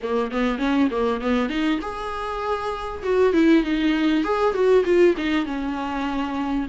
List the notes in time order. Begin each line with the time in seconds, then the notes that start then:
0.02 A#3
0.31 B3
0.58 C#4
0.90 A#3
1.21 B3
1.49 D#4
1.81 G#4
3.03 F#4
3.33 E4
3.63 D#4
4.23 G#4
4.53 F#4
4.85 F4
5.17 D#4
5.45 C#4